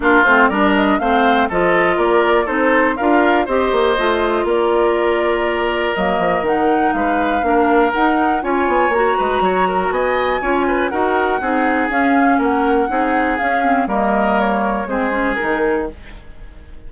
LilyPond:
<<
  \new Staff \with { instrumentName = "flute" } { \time 4/4 \tempo 4 = 121 ais'8 c''8 d''8 dis''8 f''4 dis''4 | d''4 c''4 f''4 dis''4~ | dis''4 d''2. | dis''4 fis''4 f''2 |
fis''4 gis''4 ais''2 | gis''2 fis''2 | f''4 fis''2 f''4 | dis''4 cis''4 c''4 ais'4 | }
  \new Staff \with { instrumentName = "oboe" } { \time 4/4 f'4 ais'4 c''4 a'4 | ais'4 a'4 ais'4 c''4~ | c''4 ais'2.~ | ais'2 b'4 ais'4~ |
ais'4 cis''4. b'8 cis''8 ais'8 | dis''4 cis''8 b'8 ais'4 gis'4~ | gis'4 ais'4 gis'2 | ais'2 gis'2 | }
  \new Staff \with { instrumentName = "clarinet" } { \time 4/4 d'8 c'8 d'4 c'4 f'4~ | f'4 dis'4 f'4 g'4 | f'1 | ais4 dis'2 d'4 |
dis'4 f'4 fis'2~ | fis'4 f'4 fis'4 dis'4 | cis'2 dis'4 cis'8 c'8 | ais2 c'8 cis'8 dis'4 | }
  \new Staff \with { instrumentName = "bassoon" } { \time 4/4 ais8 a8 g4 a4 f4 | ais4 c'4 d'4 c'8 ais8 | a4 ais2. | fis8 f8 dis4 gis4 ais4 |
dis'4 cis'8 b8 ais8 gis8 fis4 | b4 cis'4 dis'4 c'4 | cis'4 ais4 c'4 cis'4 | g2 gis4 dis4 | }
>>